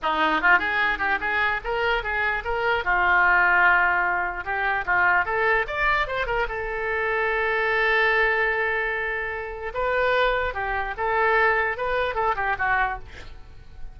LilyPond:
\new Staff \with { instrumentName = "oboe" } { \time 4/4 \tempo 4 = 148 dis'4 f'8 gis'4 g'8 gis'4 | ais'4 gis'4 ais'4 f'4~ | f'2. g'4 | f'4 a'4 d''4 c''8 ais'8 |
a'1~ | a'1 | b'2 g'4 a'4~ | a'4 b'4 a'8 g'8 fis'4 | }